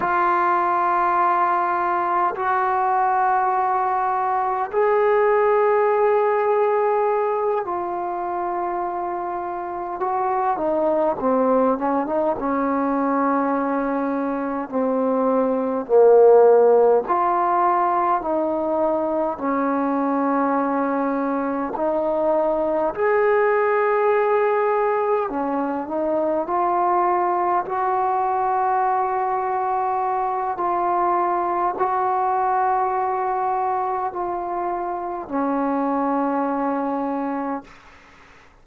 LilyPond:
\new Staff \with { instrumentName = "trombone" } { \time 4/4 \tempo 4 = 51 f'2 fis'2 | gis'2~ gis'8 f'4.~ | f'8 fis'8 dis'8 c'8 cis'16 dis'16 cis'4.~ | cis'8 c'4 ais4 f'4 dis'8~ |
dis'8 cis'2 dis'4 gis'8~ | gis'4. cis'8 dis'8 f'4 fis'8~ | fis'2 f'4 fis'4~ | fis'4 f'4 cis'2 | }